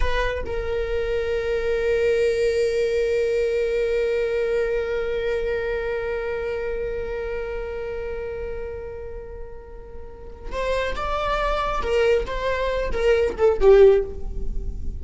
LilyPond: \new Staff \with { instrumentName = "viola" } { \time 4/4 \tempo 4 = 137 b'4 ais'2.~ | ais'1~ | ais'1~ | ais'1~ |
ais'1~ | ais'1 | c''4 d''2 ais'4 | c''4. ais'4 a'8 g'4 | }